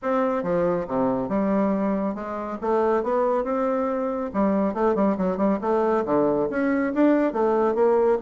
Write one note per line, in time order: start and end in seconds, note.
0.02 0.43 C4
0.43 0.86 F3
0.87 1.28 C3
1.28 2.14 G3
2.14 2.57 G#3
2.61 3.03 A3
3.03 3.44 B3
3.44 4.30 C4
4.33 4.74 G3
4.74 4.95 A3
4.95 5.16 G3
5.17 5.37 F#3
5.37 5.59 G3
5.61 6.04 A3
6.05 6.48 D3
6.50 6.93 C#4
6.94 7.32 D4
7.32 7.74 A3
7.74 8.17 A#3